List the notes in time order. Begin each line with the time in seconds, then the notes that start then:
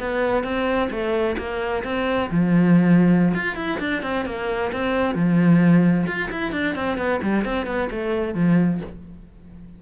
0.00 B3
0.44 C4
0.91 A3
1.38 A#3
1.84 C4
2.31 F3
3.34 F4
3.56 E4
3.80 D4
4.02 C4
4.26 A#3
4.72 C4
5.14 F3
6.07 F4
6.31 E4
6.52 D4
6.75 C4
6.97 B3
7.22 G3
7.44 C4
7.66 B3
7.90 A3
8.34 F3